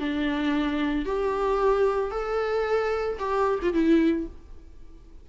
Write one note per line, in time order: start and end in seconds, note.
0.00 1.06 D4
1.06 2.11 G4
2.11 3.19 A4
3.19 3.60 G4
3.63 3.74 F4
3.74 4.27 E4